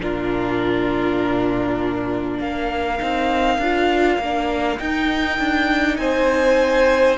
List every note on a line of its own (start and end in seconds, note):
0.00 2.40 A#2
0.00 3.00 D4
0.00 2.40 F4
0.00 2.41 A#4
2.40 3.00 A#3
2.40 6.00 A#4
2.40 4.79 F5
3.00 3.58 C4
3.00 3.60 D#4
3.58 4.18 D4
3.58 4.22 F4
4.19 4.79 A#3
4.19 4.80 D4
4.79 7.18 D#4
4.79 5.39 D#4
4.79 5.97 G5
5.39 5.98 D4
5.97 7.18 C4
5.97 7.18 C5
5.97 7.17 G#5